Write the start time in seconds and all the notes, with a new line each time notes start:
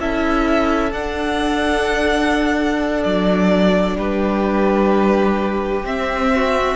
0.00 C#4 E4 A4 E5
0.92 D4 F#5
3.04 F#3 D5
3.97 G3 G4 B4
5.84 C4 E5
6.35 F#4